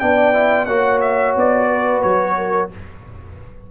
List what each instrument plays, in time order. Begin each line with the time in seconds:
0.00 tuba B3, trombone D4, horn D5, trumpet G5
0.34 trombone E4
0.66 tuba A#3, trombone F#4, horn C#5, trumpet F#5
1.01 trumpet E5
1.36 tuba B3, trumpet D5
1.68 horn B4
2.02 tuba F#3, trumpet C#5
2.38 horn A#4